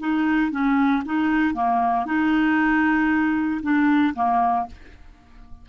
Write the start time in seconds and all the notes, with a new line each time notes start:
0.00 D#4
0.51 C#4
1.06 D#4
1.54 A#3
2.06 D#4
3.63 D4
4.15 A#3